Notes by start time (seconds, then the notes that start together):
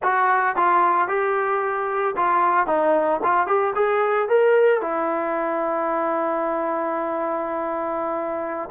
0.02 F#4
0.56 F4
1.08 G4
2.16 F4
2.66 D#4
3.23 F4
3.46 G4
3.75 G#4
4.29 A#4
4.81 E4